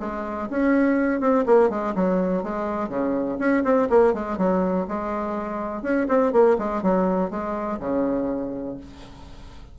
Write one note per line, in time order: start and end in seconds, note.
0.00 0.49 G#3
0.50 1.21 C#4
1.21 1.45 C4
1.46 1.70 A#3
1.70 1.94 G#3
1.95 2.43 F#3
2.43 2.89 G#3
2.89 3.38 C#3
3.39 3.63 C#4
3.64 3.88 C4
3.90 4.14 A#3
4.14 4.38 G#3
4.38 4.87 F#3
4.88 5.82 G#3
5.82 6.07 C#4
6.09 6.33 C4
6.33 6.57 A#3
6.59 6.82 G#3
6.82 7.31 F#3
7.31 7.79 G#3
7.80 8.77 C#3